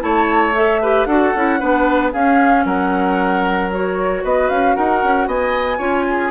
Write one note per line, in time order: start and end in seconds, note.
0.00 1.06 A3
0.00 0.53 E4
0.00 0.82 C#5
0.00 0.55 A5
0.55 0.82 A4
0.55 1.05 E5
0.82 1.09 G4
0.82 1.08 B4
1.05 1.32 D4
1.05 1.35 F#4
1.05 1.60 A4
1.05 2.11 F#5
1.36 1.62 C#4
1.36 1.61 E4
1.60 2.14 B3
1.60 2.13 D4
1.60 2.13 B4
2.13 2.65 C#4
2.13 3.72 C#4
2.13 2.65 G#4
2.13 2.66 F5
2.65 4.23 F#3
2.65 4.24 A#4
2.65 3.71 F#5
3.72 5.79 F#4
3.72 4.25 C#5
4.24 4.50 B3
4.24 4.76 B4
4.24 4.49 D#5
4.49 4.77 C#4
4.49 4.76 F5
4.76 5.04 D#4
4.76 5.28 A#4
4.76 5.28 F#5
5.04 5.27 C#4
5.27 5.79 B3
5.27 5.78 D#5
5.27 6.31 G#5
5.78 6.31 C#4
5.78 6.31 F4
5.78 6.04 C#5
6.10 6.31 G#4